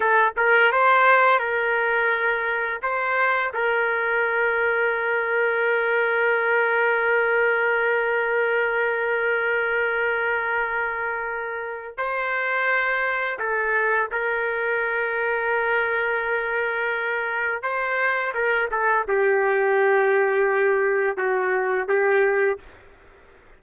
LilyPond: \new Staff \with { instrumentName = "trumpet" } { \time 4/4 \tempo 4 = 85 a'8 ais'8 c''4 ais'2 | c''4 ais'2.~ | ais'1~ | ais'1~ |
ais'4 c''2 a'4 | ais'1~ | ais'4 c''4 ais'8 a'8 g'4~ | g'2 fis'4 g'4 | }